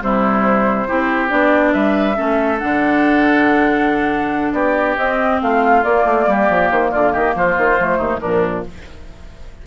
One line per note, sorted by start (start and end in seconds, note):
0.00 0.87 C3
0.00 0.86 G3
0.00 0.88 E4
0.00 1.30 C5
0.87 1.31 C4
0.87 1.29 E4
0.87 1.74 G4
1.29 1.74 B3
1.29 2.15 D4
1.29 1.73 D5
1.73 2.18 G3
1.73 2.16 B4
1.73 2.59 E5
2.15 2.62 A3
2.15 2.58 C#4
2.15 4.54 A4
2.59 4.53 D3
2.59 4.97 D4
2.59 4.53 F#5
4.53 4.96 B3
4.53 5.40 G4
4.53 4.96 D5
4.97 5.41 C4
4.97 5.83 C4
4.97 5.40 D#5
5.42 5.84 A3
5.42 6.30 F4
5.42 5.84 F5
5.83 7.78 A#3
5.83 6.05 A#3
5.83 6.70 D5
6.05 6.26 A3
6.27 6.49 G3
6.27 6.91 G4
6.50 6.71 F3
6.71 6.93 D#3
6.71 6.91 C5
6.91 7.15 D3
6.91 7.13 F4
6.91 7.12 D5
7.13 7.35 D#3
7.13 7.34 G4
7.13 7.34 D#5
7.35 7.57 F3
7.35 7.98 F4
7.35 8.20 C5
7.58 7.79 D#3
7.78 7.98 F3
7.78 8.21 A3
7.98 8.20 D#2
7.98 8.19 D#4
8.20 8.67 A#2
8.20 8.65 F3
8.20 8.64 D4
8.20 8.63 A#4